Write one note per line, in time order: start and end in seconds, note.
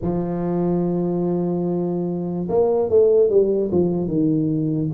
0.01 2.48 F3
2.48 2.89 A#3
2.89 3.29 A3
3.29 3.70 G3
3.71 4.07 F3
4.07 4.89 D#3